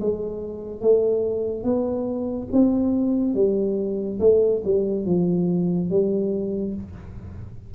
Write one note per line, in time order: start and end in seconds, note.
0.00 0.81 G#3
0.81 1.63 A3
1.63 2.47 B3
2.52 3.34 C4
3.34 4.19 G3
4.19 4.62 A3
4.64 5.05 G3
5.05 5.89 F3
5.89 6.74 G3